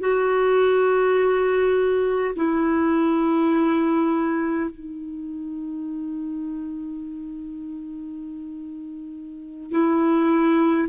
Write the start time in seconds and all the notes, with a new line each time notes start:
0.00 F#4
2.36 E4
4.71 D#4
9.71 E4